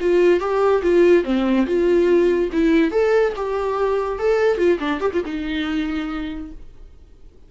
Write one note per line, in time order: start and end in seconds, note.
0.00 0.40 F4
0.40 0.82 G4
0.82 1.24 F4
1.24 1.66 C4
1.66 2.50 F4
2.52 2.91 E4
2.91 3.33 A4
3.36 4.19 G4
4.19 4.57 A4
4.57 4.78 F4
4.79 5.00 D4
5.00 5.11 G4
5.13 5.24 F4
5.25 6.51 D#4